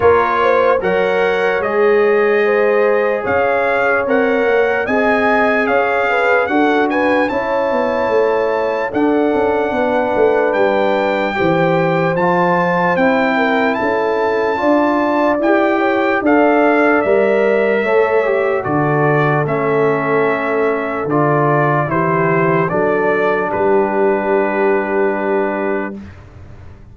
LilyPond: <<
  \new Staff \with { instrumentName = "trumpet" } { \time 4/4 \tempo 4 = 74 cis''4 fis''4 dis''2 | f''4 fis''4 gis''4 f''4 | fis''8 gis''8 a''2 fis''4~ | fis''4 g''2 a''4 |
g''4 a''2 g''4 | f''4 e''2 d''4 | e''2 d''4 c''4 | d''4 b'2. | }
  \new Staff \with { instrumentName = "horn" } { \time 4/4 ais'8 c''8 cis''2 c''4 | cis''2 dis''4 cis''8 b'8 | a'8 b'8 cis''2 a'4 | b'2 c''2~ |
c''8 ais'8 a'4 d''4. cis''8 | d''2 cis''4 a'4~ | a'2. g'4 | a'4 g'2. | }
  \new Staff \with { instrumentName = "trombone" } { \time 4/4 f'4 ais'4 gis'2~ | gis'4 ais'4 gis'2 | fis'4 e'2 d'4~ | d'2 g'4 f'4 |
e'2 f'4 g'4 | a'4 ais'4 a'8 g'8 fis'4 | cis'2 f'4 e'4 | d'1 | }
  \new Staff \with { instrumentName = "tuba" } { \time 4/4 ais4 fis4 gis2 | cis'4 c'8 ais8 c'4 cis'4 | d'4 cis'8 b8 a4 d'8 cis'8 | b8 a8 g4 e4 f4 |
c'4 cis'4 d'4 e'4 | d'4 g4 a4 d4 | a2 d4 e4 | fis4 g2. | }
>>